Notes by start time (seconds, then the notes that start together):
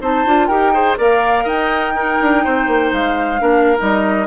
0.00 C4 D#4 C5 A5
0.26 D4 F4
0.47 D#4 G4 A#4 G5
0.74 G#4 C5
0.98 A#3 A#4 D5 F5
1.44 D#4 D#5 G5
1.95 D#4 A#4
2.21 D4
2.44 C4 C5
2.67 A#3
2.93 G#3 F5
3.40 A#3 D4 A#4
3.77 G3 D#4 D#5